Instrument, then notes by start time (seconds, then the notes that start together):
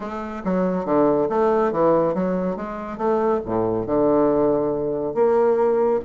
bassoon
0.00 A3
0.44 F#3
0.85 D3
1.29 A3
1.72 E3
2.14 F#3
2.56 G#3
2.97 A3
3.45 A2
3.86 D3
5.14 A#3